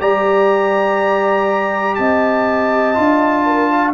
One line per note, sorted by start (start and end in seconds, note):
0.00 1.98 G3
0.00 2.94 G4
0.00 1.98 D5
0.00 1.94 A#5
1.94 2.97 C4
1.94 3.45 D#5
1.94 3.91 A5
2.94 3.93 D4
2.94 3.92 F4
3.45 3.70 A#4
3.70 3.93 F5